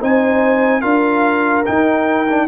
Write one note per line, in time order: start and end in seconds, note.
0.00 0.83 C4
0.00 0.81 D#4
0.00 0.81 C5
0.00 0.81 G#5
0.81 1.66 D4
0.81 1.64 F4
0.81 2.45 A#4
0.81 1.63 F5
1.64 2.26 D#4
1.64 2.47 D#4
1.64 2.47 G5
2.29 2.47 D4